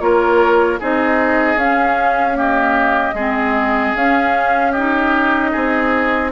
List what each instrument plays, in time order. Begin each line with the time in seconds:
0.00 bassoon A#3, clarinet F4, oboe A#4, flute C#5
0.80 bassoon C4, clarinet D#4, oboe G#4, flute D#5
1.56 bassoon C#4, clarinet C#4, flute F5
2.34 clarinet A#3, oboe G4
2.40 flute D#5
3.14 bassoon G#3, clarinet C4, oboe G#4
3.96 bassoon C#4, clarinet C#4, flute F5
4.72 clarinet D#4, oboe G4, flute D#5
5.52 bassoon C4, oboe G#4